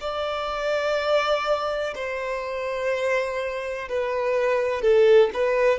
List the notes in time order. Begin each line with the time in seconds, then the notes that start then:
0.00 D5
1.94 C5
3.88 B4
4.81 A4
5.33 B4